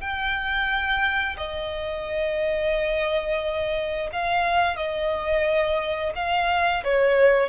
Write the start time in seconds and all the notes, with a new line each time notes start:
0.00 G5
1.37 D#5
4.12 F5
4.76 D#5
6.15 F5
6.84 C#5